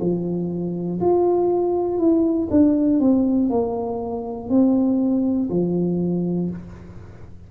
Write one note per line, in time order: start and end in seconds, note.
0.00 1.00 F3
1.01 1.98 F4
1.98 2.48 E4
2.50 3.00 D4
3.00 3.50 C4
3.50 4.50 A#3
4.50 5.50 C4
5.50 6.50 F3